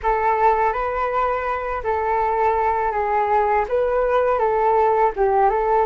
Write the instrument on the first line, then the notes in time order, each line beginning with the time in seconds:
flute
0.03 A4
0.73 B4
1.83 A4
2.91 G#4
3.68 B4
4.38 A4
5.16 G4
5.49 A4